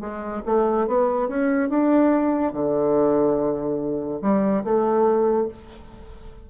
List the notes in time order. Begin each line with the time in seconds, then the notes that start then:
0.00 G#3
0.45 A3
0.87 B3
1.28 C#4
1.69 D4
2.53 D3
4.21 G3
4.64 A3